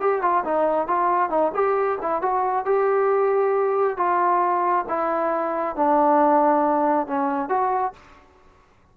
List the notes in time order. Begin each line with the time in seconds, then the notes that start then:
0.00 G4
0.22 F4
0.45 D#4
0.87 F4
1.30 D#4
1.54 G4
2.02 E4
2.22 F#4
2.66 G4
3.97 F4
4.89 E4
5.76 D4
7.07 C#4
7.49 F#4